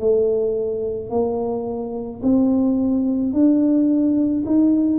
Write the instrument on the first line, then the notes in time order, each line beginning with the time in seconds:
tuba
0.00 A3
1.10 A#3
2.23 C4
3.33 D4
4.46 D#4